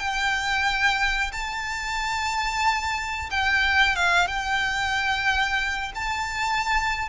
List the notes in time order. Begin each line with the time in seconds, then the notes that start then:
0.00 G5
1.33 A5
3.31 G5
3.97 F5
4.28 G5
5.96 A5